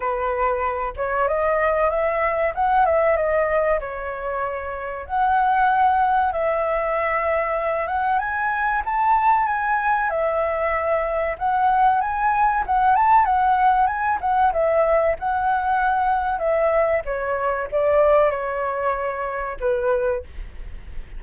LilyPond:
\new Staff \with { instrumentName = "flute" } { \time 4/4 \tempo 4 = 95 b'4. cis''8 dis''4 e''4 | fis''8 e''8 dis''4 cis''2 | fis''2 e''2~ | e''8 fis''8 gis''4 a''4 gis''4 |
e''2 fis''4 gis''4 | fis''8 a''8 fis''4 gis''8 fis''8 e''4 | fis''2 e''4 cis''4 | d''4 cis''2 b'4 | }